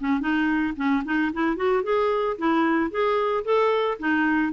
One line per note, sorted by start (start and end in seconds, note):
0.00 0.20 C#4
0.20 0.74 D#4
0.77 1.03 C#4
1.05 1.32 D#4
1.33 1.57 E4
1.57 1.83 F#4
1.83 2.37 G#4
2.38 2.91 E4
2.91 3.44 G#4
3.44 3.98 A4
3.99 4.53 D#4